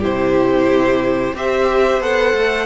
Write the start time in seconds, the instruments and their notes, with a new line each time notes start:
0.00 cello C3, viola E4, violin G4 C5
1.34 cello C4, viola G4, violin C5 E5
2.01 cello B3, viola A4, violin F#5
2.34 cello A3